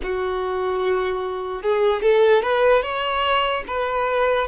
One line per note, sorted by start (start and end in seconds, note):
0.02 1.62 F#4
1.62 2.02 G#4
2.02 2.42 A4
2.42 2.82 B4
2.82 3.63 C#5
3.67 4.47 B4